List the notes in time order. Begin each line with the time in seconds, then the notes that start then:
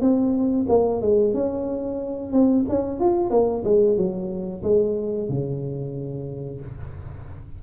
0.00 C4
0.68 A#3
1.01 G#3
1.33 C#4
2.32 C4
2.69 C#4
2.99 F4
3.30 A#3
3.64 G#3
3.97 F#3
4.62 G#3
5.28 C#3